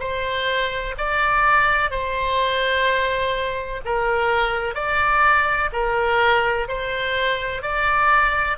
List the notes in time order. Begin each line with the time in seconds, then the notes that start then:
0.00 C5
0.98 D5
1.91 C5
3.85 A#4
4.74 D5
5.73 A#4
6.68 C5
7.62 D5